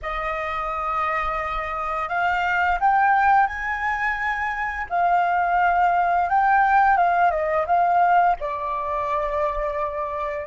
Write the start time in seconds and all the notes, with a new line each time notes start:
0.02 D#5
2.09 F5
2.80 G5
3.46 G#5
4.89 F5
6.29 G5
6.97 F5
7.30 D#5
7.66 F5
8.39 D5